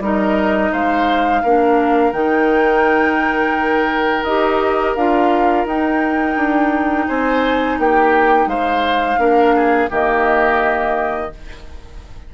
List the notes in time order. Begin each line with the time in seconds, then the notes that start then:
0.00 G3 D#4 A#4 D#5
0.72 G#3 C5 F5
1.43 A#3 D4 A#4
2.12 D#3 D#4 G5
4.24 D#4 G4 D#5
4.95 D4 F4 F5
5.66 D#4 G5
6.36 D4
7.08 C4 C5 G#5
7.79 A#3 G4 G5
8.46 G#3 C5 F5
9.18 A#3 D4 A#4
9.56 G#4
9.89 D#3 A#3 G4 D#5